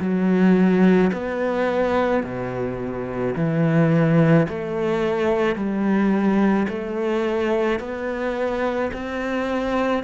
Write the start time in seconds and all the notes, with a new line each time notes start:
0.00 F#3
1.13 B3
2.23 B2
3.35 E3
4.49 A3
5.56 G3
6.68 A3
7.80 B3
8.93 C4